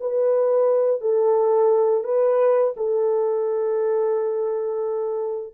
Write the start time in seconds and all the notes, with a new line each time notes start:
0.00 B4
1.01 A4
2.04 B4
2.76 A4